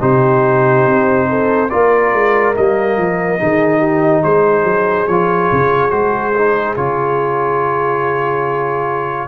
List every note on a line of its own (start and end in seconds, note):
0.00 0.86 C3
0.00 1.69 D#4
0.00 1.28 G4
0.00 1.70 C5
0.86 1.70 C4
1.29 1.70 A4
1.70 2.13 A#3
1.70 2.55 F4
1.70 3.39 A#4
1.70 2.54 D5
2.13 2.55 G#3
2.55 2.97 G3
2.55 3.39 A#3
2.55 4.23 D#5
2.97 3.40 F3
3.39 4.24 D#3
3.39 5.08 D#4
3.39 3.79 G#4
3.79 4.21 G4
4.23 4.64 G#3
4.23 9.28 G#4
4.23 5.07 C5
4.64 5.06 F#3
5.07 5.51 F3
5.07 5.90 F4
5.07 5.90 C#5
5.52 5.92 C#3
5.90 6.77 G#3
5.90 6.32 F#4
5.90 6.74 C5
6.38 6.77 D#4
6.76 9.28 C#3
6.76 9.28 F4
6.76 9.28 C#5